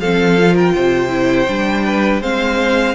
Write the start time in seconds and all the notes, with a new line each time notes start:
0.00 F3 C4 A4 F5
0.39 F4
0.54 A#4 G5
0.75 C3 C5
1.10 E4
1.48 G3 D4
1.85 B4
2.22 G#3 C4 C5 F5